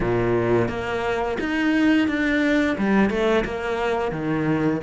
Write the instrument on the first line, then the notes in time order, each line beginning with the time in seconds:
cello
0.00 A#2
0.68 A#3
1.39 D#4
2.08 D4
2.77 G3
3.09 A3
3.44 A#3
4.11 D#3